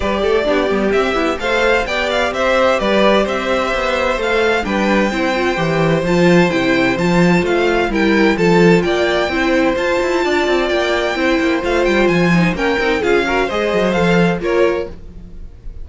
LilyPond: <<
  \new Staff \with { instrumentName = "violin" } { \time 4/4 \tempo 4 = 129 d''2 e''4 f''4 | g''8 f''8 e''4 d''4 e''4~ | e''4 f''4 g''2~ | g''4 a''4 g''4 a''4 |
f''4 g''4 a''4 g''4~ | g''4 a''2 g''4~ | g''4 f''8 g''8 gis''4 g''4 | f''4 dis''4 f''4 cis''4 | }
  \new Staff \with { instrumentName = "violin" } { \time 4/4 b'8 a'8 g'2 c''4 | d''4 c''4 b'4 c''4~ | c''2 b'4 c''4~ | c''1~ |
c''4 ais'4 a'4 d''4 | c''2 d''2 | c''2. ais'4 | gis'8 ais'8 c''2 ais'4 | }
  \new Staff \with { instrumentName = "viola" } { \time 4/4 g'4 d'8 b8 c'8 e'8 a'4 | g'1~ | g'4 a'4 d'4 e'8 f'8 | g'4 f'4 e'4 f'4~ |
f'4 e'4 f'2 | e'4 f'2. | e'4 f'4. dis'8 cis'8 dis'8 | f'8 fis'8 gis'4 a'4 f'4 | }
  \new Staff \with { instrumentName = "cello" } { \time 4/4 g8 a8 b8 g8 c'8 b8 a4 | b4 c'4 g4 c'4 | b4 a4 g4 c'4 | e4 f4 c4 f4 |
a4 g4 f4 ais4 | c'4 f'8 e'8 d'8 c'8 ais4 | c'8 ais8 a8 g8 f4 ais8 c'8 | cis'4 gis8 fis8 f4 ais4 | }
>>